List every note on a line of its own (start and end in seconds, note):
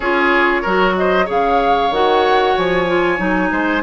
0.00 0.63 C#4
0.00 0.65 F4
0.00 0.62 G#4
0.00 0.93 C#5
0.62 1.29 F#3
0.62 1.25 F#4
0.62 0.94 A#4
0.96 1.25 C5
0.96 1.28 D#5
1.25 1.90 C#3
1.25 1.89 G#4
1.25 3.49 C#5
1.25 1.93 F5
1.90 2.54 D#3
1.90 2.86 F#4
1.90 2.57 F#5
2.57 3.18 F3
2.57 3.82 G#5
2.86 3.18 F4
3.18 3.50 F#3
3.18 3.82 D#4
3.51 3.82 G#3
3.51 3.82 C5